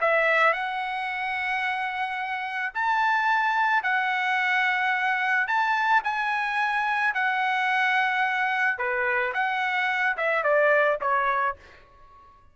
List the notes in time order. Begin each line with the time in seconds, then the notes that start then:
0.00 E5
0.53 F#5
2.74 A5
3.82 F#5
5.47 A5
6.04 G#5
7.14 F#5
8.78 B4
9.34 F#5
10.17 E5
10.43 D5
11.01 C#5